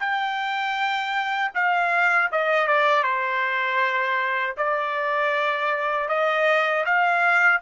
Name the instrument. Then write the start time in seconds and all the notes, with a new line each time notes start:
trumpet
0.00 G5
1.55 F5
2.32 D#5
2.68 D5
3.04 C5
4.57 D5
6.09 D#5
6.86 F5